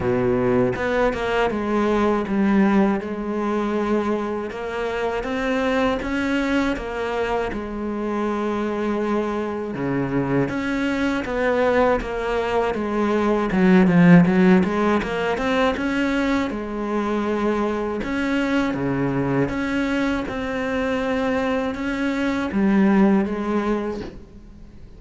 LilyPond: \new Staff \with { instrumentName = "cello" } { \time 4/4 \tempo 4 = 80 b,4 b8 ais8 gis4 g4 | gis2 ais4 c'4 | cis'4 ais4 gis2~ | gis4 cis4 cis'4 b4 |
ais4 gis4 fis8 f8 fis8 gis8 | ais8 c'8 cis'4 gis2 | cis'4 cis4 cis'4 c'4~ | c'4 cis'4 g4 gis4 | }